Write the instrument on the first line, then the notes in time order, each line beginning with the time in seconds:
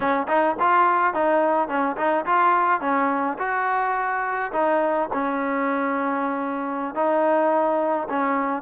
trombone
0.00 C#4
0.28 D#4
0.59 F4
1.14 D#4
1.68 C#4
1.97 D#4
2.25 F4
2.80 C#4
3.38 F#4
4.52 D#4
5.13 C#4
6.94 D#4
8.09 C#4